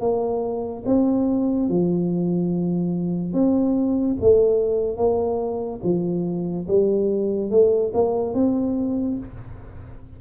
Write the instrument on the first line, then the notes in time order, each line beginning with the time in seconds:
tuba
0.00 A#3
0.86 C4
1.69 F3
3.33 C4
4.20 A3
4.97 A#3
5.83 F3
6.68 G3
7.50 A3
7.94 A#3
8.34 C4